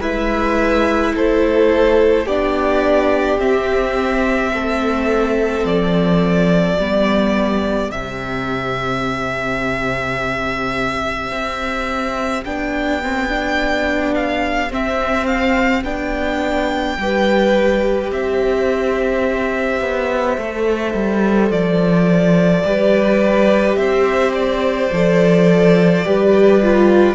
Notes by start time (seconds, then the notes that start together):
0.00 G#3 E4 B4 E5
1.16 A3 A4 C5
2.27 B3 D4 G4 D5
3.39 C4 E5
4.54 A3 A4
5.65 F3 D5
6.78 G3 B3 G4
7.92 C3 C4 E5
11.32 C4
12.45 B3 D4 G5
13.03 C4
13.30 D4
14.15 F5
14.70 C4 E5
15.27 F5
15.84 B3 D4 G5
16.98 G3 G4 B4
18.12 C4 C5 E5
19.81 B3
20.38 A3 A4
20.94 G3
21.51 F3 D5
22.65 G3 G4 B4
23.76 C4 C5 E5
24.34 D5
24.92 F3 A4
26.05 G3 G4 B4
26.63 F4